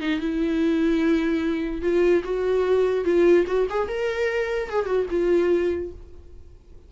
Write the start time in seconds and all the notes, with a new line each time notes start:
0.00 D#4
0.19 E4
1.81 F4
2.24 F#4
3.04 F4
3.46 F#4
3.69 G#4
3.88 A#4
4.69 G#4
4.85 F#4
5.10 F4